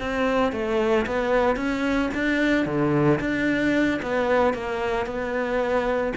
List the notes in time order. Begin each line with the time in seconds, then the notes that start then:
0.00 C4
0.52 A3
1.06 B3
1.56 C#4
2.14 D4
2.66 D3
3.20 D4
4.02 B3
4.54 A#3
5.06 B3